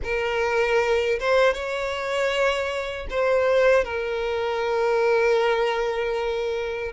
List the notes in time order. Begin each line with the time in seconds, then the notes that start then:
0.03 A#4
1.19 C5
1.53 C#5
3.10 C5
3.84 A#4